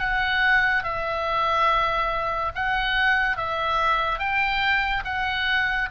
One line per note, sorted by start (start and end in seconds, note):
0.00 0.84 F#5
0.84 2.53 E5
2.56 3.37 F#5
3.37 4.19 E5
4.19 5.04 G5
5.05 5.90 F#5